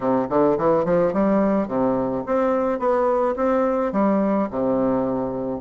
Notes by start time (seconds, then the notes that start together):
0.00 C3
0.29 D3
0.58 E3
0.85 F3
1.13 G3
1.67 C3
2.26 C4
2.79 B3
3.36 C4
3.92 G3
4.50 C3